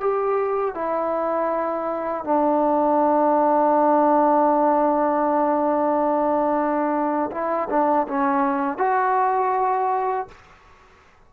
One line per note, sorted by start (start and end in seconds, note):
0.00 0.74 G4
0.74 2.24 E4
2.24 7.31 D4
7.31 7.69 E4
7.69 8.07 D4
8.08 8.78 C#4
8.78 10.28 F#4